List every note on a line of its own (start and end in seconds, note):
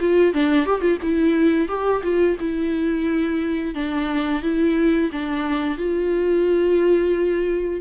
0.00 0.33 F4
0.33 0.66 D4
0.66 0.81 G4
0.81 0.98 F4
1.02 1.68 E4
1.68 2.02 G4
2.03 2.37 F4
2.40 3.75 E4
3.75 4.42 D4
4.42 5.10 E4
5.12 5.77 D4
5.77 7.81 F4